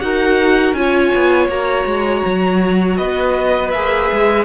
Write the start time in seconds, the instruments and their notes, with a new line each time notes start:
0.00 cello D#4, viola F#4, violin A#4 F#5
0.74 cello C#4, viola F4, violin C#5 G#5
1.15 cello B3
1.48 cello A#3, viola F#4, violin A#5
1.86 cello G#3
2.26 cello F#3
2.97 cello B3, violin B4 D#5
3.71 cello A#3, viola G#4, violin E5
4.13 cello G#3